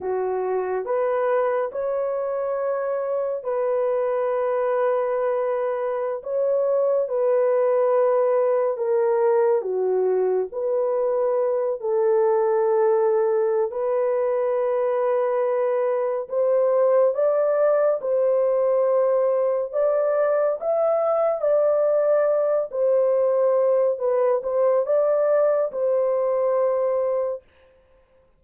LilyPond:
\new Staff \with { instrumentName = "horn" } { \time 4/4 \tempo 4 = 70 fis'4 b'4 cis''2 | b'2.~ b'16 cis''8.~ | cis''16 b'2 ais'4 fis'8.~ | fis'16 b'4. a'2~ a'16 |
b'2. c''4 | d''4 c''2 d''4 | e''4 d''4. c''4. | b'8 c''8 d''4 c''2 | }